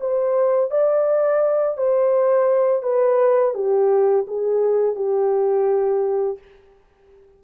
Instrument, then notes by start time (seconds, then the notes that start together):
horn
0.00 C5
0.70 D5
1.77 C5
2.82 B4
3.54 G4
4.27 G#4
4.95 G4